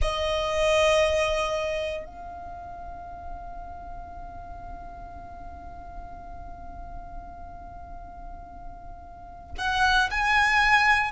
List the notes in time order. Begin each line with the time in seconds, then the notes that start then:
0.01 D#5
2.05 F5
9.57 F#5
10.11 G#5